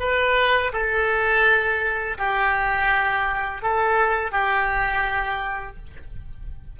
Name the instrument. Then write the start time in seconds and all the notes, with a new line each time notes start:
oboe
0.00 B4
0.73 A4
2.19 G4
3.62 A4
4.32 G4